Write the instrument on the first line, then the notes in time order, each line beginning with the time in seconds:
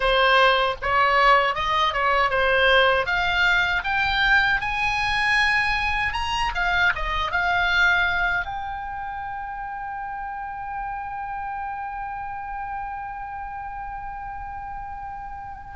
oboe
0.00 C5
0.82 C#5
1.54 D#5
1.93 C#5
2.29 C5
3.06 F5
3.84 G5
4.60 G#5
6.13 A#5
6.54 F5
6.95 D#5
7.31 F5
8.45 G5